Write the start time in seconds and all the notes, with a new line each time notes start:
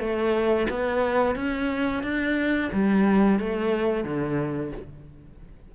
0.00 A3
0.70 B3
1.36 C#4
2.03 D4
2.73 G3
3.40 A3
4.05 D3